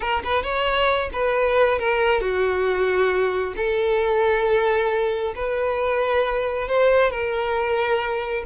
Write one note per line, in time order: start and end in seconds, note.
0.00 0.22 A#4
0.23 0.43 B4
0.43 1.09 C#5
1.13 1.78 B4
1.78 2.20 A#4
2.20 3.54 F#4
3.56 5.34 A4
5.35 6.68 B4
6.68 7.10 C5
7.10 8.44 A#4